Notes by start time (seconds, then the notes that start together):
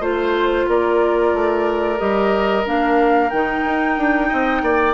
0.00 A3 F4 C5
0.68 A#3 A#4 D5
1.34 A3
1.98 G3 G4 D#5
2.65 A#3 D4 F5
3.30 D#3 D#4 G5
3.65 D#4
3.98 D4
4.29 C4 D#5
4.62 A#3 D5